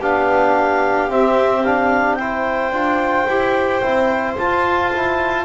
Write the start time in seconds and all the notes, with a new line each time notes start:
0.00 B3 D4 G4 F5
1.09 C4 E5
1.64 D4 F5
2.15 E4 C5 G5
2.71 D4 F4
3.27 E4 G4
3.82 C4 E4
4.37 F4 A5
4.93 E4